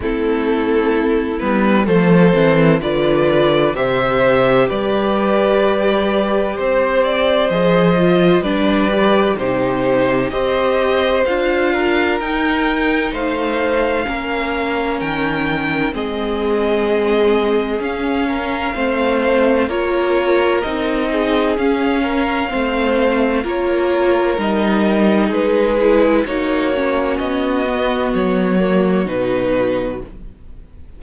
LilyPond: <<
  \new Staff \with { instrumentName = "violin" } { \time 4/4 \tempo 4 = 64 a'4. b'8 c''4 d''4 | e''4 d''2 c''8 d''8 | dis''4 d''4 c''4 dis''4 | f''4 g''4 f''2 |
g''4 dis''2 f''4~ | f''4 cis''4 dis''4 f''4~ | f''4 cis''4 dis''4 b'4 | cis''4 dis''4 cis''4 b'4 | }
  \new Staff \with { instrumentName = "violin" } { \time 4/4 e'2 a'4 b'4 | c''4 b'2 c''4~ | c''4 b'4 g'4 c''4~ | c''8 ais'4. c''4 ais'4~ |
ais'4 gis'2~ gis'8 ais'8 | c''4 ais'4. gis'4 ais'8 | c''4 ais'2 gis'4 | fis'1 | }
  \new Staff \with { instrumentName = "viola" } { \time 4/4 c'4. b8 a8 c'8 f'4 | g'1 | gis'8 f'8 d'8 g'8 dis'4 g'4 | f'4 dis'2 cis'4~ |
cis'4 c'2 cis'4 | c'4 f'4 dis'4 cis'4 | c'4 f'4 dis'4. e'8 | dis'8 cis'4 b4 ais8 dis'4 | }
  \new Staff \with { instrumentName = "cello" } { \time 4/4 a4. g8 f8 e8 d4 | c4 g2 c'4 | f4 g4 c4 c'4 | d'4 dis'4 a4 ais4 |
dis4 gis2 cis'4 | a4 ais4 c'4 cis'4 | a4 ais4 g4 gis4 | ais4 b4 fis4 b,4 | }
>>